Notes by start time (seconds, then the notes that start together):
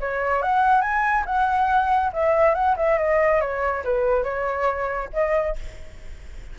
0.00 C#5
0.42 F#5
0.81 G#5
1.26 F#5
2.13 E5
2.54 F#5
2.77 E5
2.98 D#5
3.41 C#5
3.84 B4
4.23 C#5
5.13 D#5